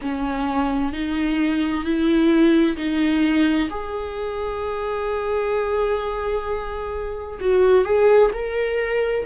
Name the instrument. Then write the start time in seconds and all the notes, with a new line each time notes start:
viola
0.01 C#4
0.92 D#4
1.84 E4
2.77 D#4
3.70 G#4
7.40 F#4
7.84 G#4
8.33 A#4